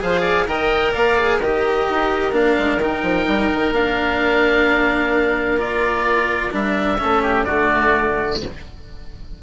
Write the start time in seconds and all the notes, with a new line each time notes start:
0.00 F3 G#4 C5 F5
0.21 D5
0.46 D#3 A#4 D#5 G5
0.92 A#3 D5 F5
1.18 G#4
1.39 D#3 G4 A#4 D#5
1.89 D#4
2.32 A#3 D4 F5
2.59 G#3
2.77 D#3 D#4
2.83 G5
3.03 F3
3.27 G3
3.54 D#3
3.71 A#3 D4 F5
5.57 F4 D5
6.51 G3 D4 E5
6.98 A3 C#4 A4
7.22 G4
7.44 D3 A3 F#4 D5